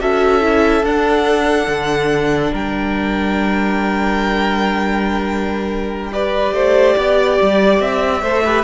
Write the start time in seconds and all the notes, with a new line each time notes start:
0.00 C#4 F#4 A4 E5
0.41 E4
0.83 D4 F#5
1.68 D3
2.52 G3 A#4 G5
6.12 G4 B4 D5
6.52 A3 C5
6.97 B3 D5
7.42 G3
7.80 C4 E5
8.22 A3 A4 C5
8.45 G4 B4